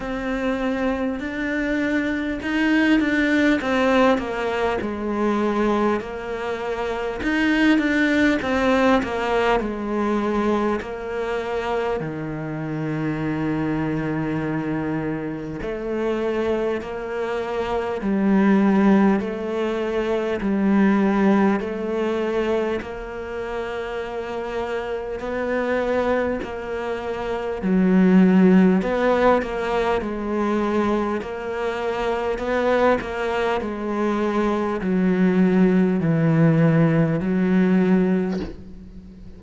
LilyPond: \new Staff \with { instrumentName = "cello" } { \time 4/4 \tempo 4 = 50 c'4 d'4 dis'8 d'8 c'8 ais8 | gis4 ais4 dis'8 d'8 c'8 ais8 | gis4 ais4 dis2~ | dis4 a4 ais4 g4 |
a4 g4 a4 ais4~ | ais4 b4 ais4 fis4 | b8 ais8 gis4 ais4 b8 ais8 | gis4 fis4 e4 fis4 | }